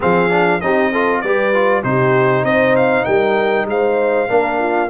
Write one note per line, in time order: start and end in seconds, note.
0.00 0.62 F3
0.00 0.29 C4
0.00 0.62 G#4
0.00 0.61 F5
0.29 0.60 D4
0.61 1.23 C4
0.61 0.93 D#4
0.61 0.92 G4
0.61 1.21 D#5
0.92 1.24 F4
0.92 1.22 A4
1.21 1.83 G3
1.21 1.53 G4
1.21 1.83 B4
1.21 1.82 D5
1.53 1.83 F4
1.83 2.44 C3
1.83 4.28 D#4
1.83 2.44 G4
1.83 2.44 C5
2.44 3.05 C4
2.44 3.04 C5
2.44 2.75 D#5
2.76 3.04 F5
3.04 3.65 G3
3.04 3.66 A#4
3.04 3.65 G5
3.65 4.26 G#3
3.65 4.29 C5
3.65 4.90 F5
4.28 4.90 A#3
4.28 4.89 D4
4.28 4.59 A#4
4.59 4.90 F4